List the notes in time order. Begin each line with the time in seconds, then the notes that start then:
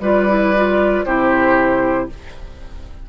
0.00 G3 F4 B4 D5
0.28 E4
0.55 F4
1.05 C3 E4 G4 C5